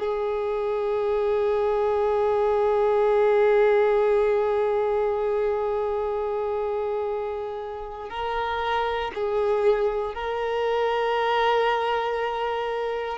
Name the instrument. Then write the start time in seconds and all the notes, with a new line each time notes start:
violin
0.00 G#4
8.10 A#4
9.15 G#4
10.15 A#4